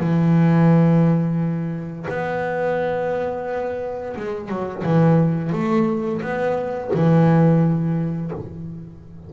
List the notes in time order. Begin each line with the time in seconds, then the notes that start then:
0.00 E3
2.09 B3
4.16 G#3
4.49 F#3
4.84 E3
5.53 A3
6.22 B3
6.94 E3